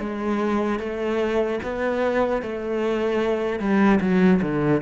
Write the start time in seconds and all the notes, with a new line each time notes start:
0.00 G#3
0.79 A3
1.63 B3
2.43 A3
3.60 G3
4.00 F#3
4.42 D3